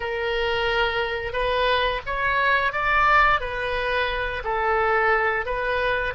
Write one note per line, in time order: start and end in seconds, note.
0.00 1.32 A#4
1.32 2.01 B4
2.06 2.72 C#5
2.72 3.40 D5
3.40 4.43 B4
4.43 5.45 A4
5.45 6.13 B4